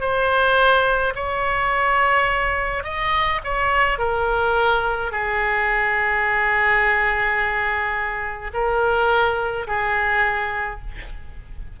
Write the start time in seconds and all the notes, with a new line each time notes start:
0.00 C5
1.15 C#5
2.83 D#5
3.44 C#5
3.98 A#4
5.11 G#4
8.53 A#4
9.67 G#4